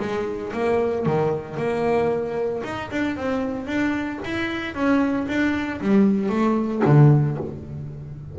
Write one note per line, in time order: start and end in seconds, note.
0.00 0.53 G#3
0.54 1.06 A#3
1.06 1.57 D#3
1.57 2.63 A#3
2.64 2.91 D#4
2.92 3.17 D4
3.17 3.67 C4
3.67 4.20 D4
4.25 4.75 E4
4.75 5.28 C#4
5.28 5.81 D4
5.82 6.30 G3
6.30 6.83 A3
6.86 7.38 D3